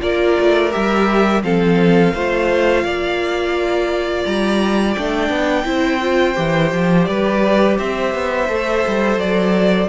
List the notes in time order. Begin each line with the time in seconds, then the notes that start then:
0.00 A#3 F4 A#4 D5
0.39 A3
0.71 G3 G4 E5
1.43 F3 C4 A4 F5
2.14 A3 F4 C5
2.84 A#3 D5
4.25 G3 A#5
4.94 A3 D4 G5
5.29 B3
5.64 C4 E4 C5
6.01 F4
6.34 E3 G4
6.72 F3
7.04 G3 B4 D5
7.78 C4 C5 E5
8.14 B3
8.48 A3 A4
8.87 G3
9.17 F#3 D5